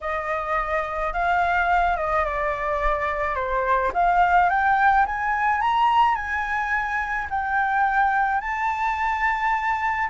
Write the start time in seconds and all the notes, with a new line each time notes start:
0.01 D#5
1.13 F5
1.96 D#5
2.24 D5
3.35 C5
3.93 F5
4.49 G5
5.06 G#5
5.61 A#5
6.15 G#5
7.30 G5
8.40 A5